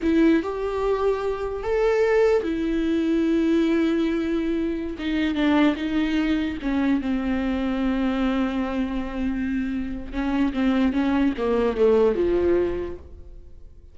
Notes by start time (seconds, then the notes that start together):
0.02 E4
0.42 G4
1.63 A4
2.43 E4
4.98 D#4
5.34 D4
5.76 D#4
6.62 C#4
7.01 C4
10.12 C#4
10.53 C4
10.93 C#4
11.37 A#3
11.77 A3
12.15 F3